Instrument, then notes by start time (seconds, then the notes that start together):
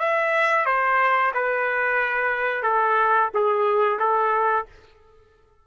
trumpet
0.00 E5
0.66 C5
1.35 B4
2.63 A4
3.34 G#4
3.99 A4